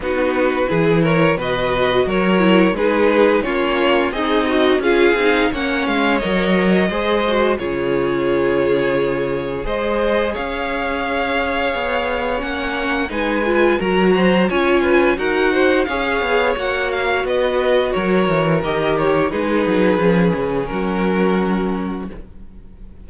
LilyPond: <<
  \new Staff \with { instrumentName = "violin" } { \time 4/4 \tempo 4 = 87 b'4. cis''8 dis''4 cis''4 | b'4 cis''4 dis''4 f''4 | fis''8 f''8 dis''2 cis''4~ | cis''2 dis''4 f''4~ |
f''2 fis''4 gis''4 | ais''4 gis''4 fis''4 f''4 | fis''8 f''8 dis''4 cis''4 dis''8 cis''8 | b'2 ais'2 | }
  \new Staff \with { instrumentName = "violin" } { \time 4/4 fis'4 gis'8 ais'8 b'4 ais'4 | gis'4 f'4 dis'4 gis'4 | cis''2 c''4 gis'4~ | gis'2 c''4 cis''4~ |
cis''2. b'4 | ais'8 c''8 cis''8 b'8 ais'8 c''8 cis''4~ | cis''4 b'4 ais'2 | gis'2 fis'2 | }
  \new Staff \with { instrumentName = "viola" } { \time 4/4 dis'4 e'4 fis'4. e'8 | dis'4 cis'4 gis'8 fis'8 f'8 dis'8 | cis'4 ais'4 gis'8 fis'8 f'4~ | f'2 gis'2~ |
gis'2 cis'4 dis'8 f'8 | fis'4 f'4 fis'4 gis'4 | fis'2. g'4 | dis'4 cis'2. | }
  \new Staff \with { instrumentName = "cello" } { \time 4/4 b4 e4 b,4 fis4 | gis4 ais4 c'4 cis'8 c'8 | ais8 gis8 fis4 gis4 cis4~ | cis2 gis4 cis'4~ |
cis'4 b4 ais4 gis4 | fis4 cis'4 dis'4 cis'8 b8 | ais4 b4 fis8 e8 dis4 | gis8 fis8 f8 cis8 fis2 | }
>>